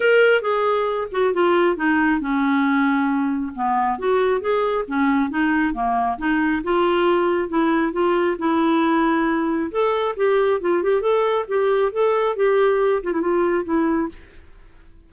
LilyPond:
\new Staff \with { instrumentName = "clarinet" } { \time 4/4 \tempo 4 = 136 ais'4 gis'4. fis'8 f'4 | dis'4 cis'2. | b4 fis'4 gis'4 cis'4 | dis'4 ais4 dis'4 f'4~ |
f'4 e'4 f'4 e'4~ | e'2 a'4 g'4 | f'8 g'8 a'4 g'4 a'4 | g'4. f'16 e'16 f'4 e'4 | }